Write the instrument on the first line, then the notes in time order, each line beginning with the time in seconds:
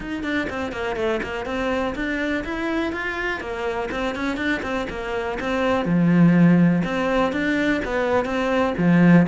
cello
0.00 D#4
0.23 D4
0.49 C4
0.72 A#3
0.96 A3
1.22 A#3
1.45 C4
1.95 D4
2.44 E4
2.92 F4
3.40 A#3
3.91 C4
4.15 C#4
4.37 D4
4.62 C4
4.89 A#3
5.39 C4
5.85 F3
6.84 C4
7.32 D4
7.84 B3
8.25 C4
8.77 F3